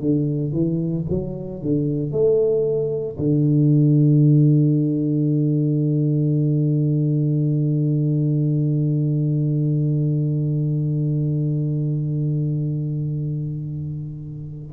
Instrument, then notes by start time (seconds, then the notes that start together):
tuba
0.00 D3
0.52 E3
1.10 F#3
1.62 D3
2.11 A3
3.18 D3